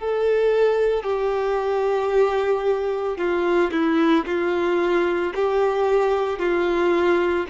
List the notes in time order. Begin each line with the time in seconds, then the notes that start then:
0.00 A4
1.04 G4
3.18 F4
3.72 E4
4.26 F4
5.35 G4
6.39 F4